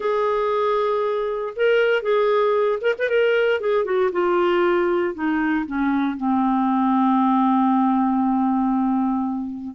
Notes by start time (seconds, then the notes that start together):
0.00 G#4
1.56 A#4
2.02 G#4
2.81 A#4
2.98 B4
3.09 A#4
3.60 G#4
3.85 F#4
4.11 F4
5.14 D#4
5.66 C#4
6.17 C4